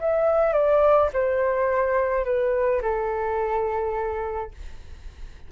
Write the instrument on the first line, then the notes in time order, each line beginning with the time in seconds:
flute
0.00 E5
0.52 D5
1.13 C5
2.24 B4
2.81 A4